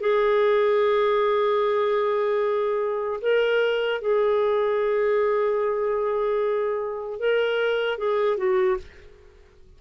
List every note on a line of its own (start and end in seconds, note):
0.00 3.20 G#4
3.21 4.01 A#4
4.01 7.19 G#4
7.19 7.98 A#4
7.98 8.37 G#4
8.37 8.77 F#4